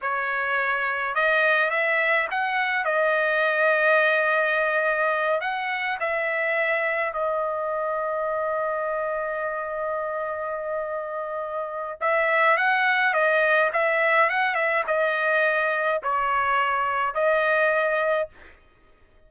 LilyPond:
\new Staff \with { instrumentName = "trumpet" } { \time 4/4 \tempo 4 = 105 cis''2 dis''4 e''4 | fis''4 dis''2.~ | dis''4. fis''4 e''4.~ | e''8 dis''2.~ dis''8~ |
dis''1~ | dis''4 e''4 fis''4 dis''4 | e''4 fis''8 e''8 dis''2 | cis''2 dis''2 | }